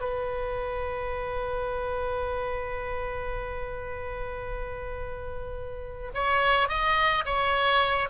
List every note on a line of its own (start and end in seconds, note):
0.00 6.11 B4
6.14 6.68 C#5
6.68 7.24 D#5
7.25 8.08 C#5